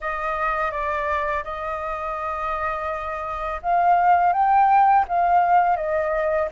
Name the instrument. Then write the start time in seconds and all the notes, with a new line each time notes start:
flute
0.00 D#5
0.71 D5
1.44 D#5
3.62 F5
4.32 G5
5.08 F5
5.76 D#5